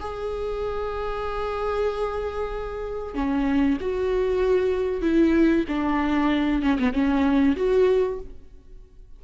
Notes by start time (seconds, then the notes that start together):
0.00 G#4
3.15 C#4
3.81 F#4
5.02 E4
5.68 D4
6.62 C#4
6.79 B3
6.93 C#4
7.56 F#4